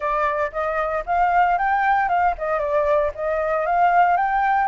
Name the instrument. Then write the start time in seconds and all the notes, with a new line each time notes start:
flute
0.00 D5
0.51 D#5
1.06 F5
1.58 G5
2.08 F5
2.38 D#5
2.59 D5
3.14 D#5
3.65 F5
4.16 G5